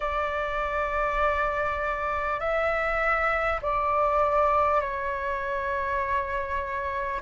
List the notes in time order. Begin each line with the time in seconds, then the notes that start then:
0.00 D5
2.40 E5
3.62 D5
4.81 C#5